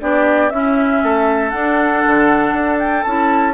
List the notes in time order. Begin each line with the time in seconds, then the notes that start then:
0.00 B3 D4 G4 D5
0.49 C#4 E4 E5
1.03 A3 A4
1.49 D4 F#5
2.06 D3
2.52 D4
2.78 G5
3.03 C#4 E4 A5